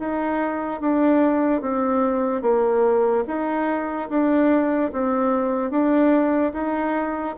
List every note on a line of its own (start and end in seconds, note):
0.00 0.81 D#4
0.81 1.62 D4
1.62 2.42 C4
2.42 3.25 A#3
3.27 4.09 D#4
4.10 4.92 D4
4.93 5.71 C4
5.71 6.53 D4
6.53 7.36 D#4